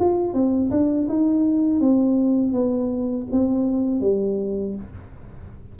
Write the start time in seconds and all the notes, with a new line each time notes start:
0.00 F4
0.34 C4
0.71 D4
1.09 D#4
1.80 C4
2.53 B3
3.32 C4
4.01 G3